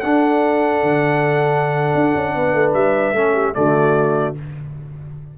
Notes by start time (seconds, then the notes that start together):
0.00 D4 A4 F#5
0.83 D3
1.94 D4
2.15 C#4
2.35 B3 B4
2.53 A3
2.73 G3 E5
3.13 A3 C#4 A4
3.33 G4
3.54 D3 A3 F#4 D5